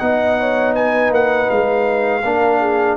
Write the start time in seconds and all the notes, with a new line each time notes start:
0.00 B3 D#4 D#5 F#5
0.40 C#5
0.75 B4 G#5
1.11 A#3 F#5
1.50 G#3 F5
2.25 A#3 D4 A#4
2.60 G#4